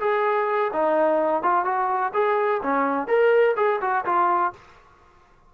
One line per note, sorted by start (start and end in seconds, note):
0.00 0.71 G#4
0.73 1.43 D#4
1.43 1.65 F4
1.65 2.12 F#4
2.13 2.61 G#4
2.63 3.08 C#4
3.08 3.55 A#4
3.56 3.80 G#4
3.81 4.05 F#4
4.05 4.53 F4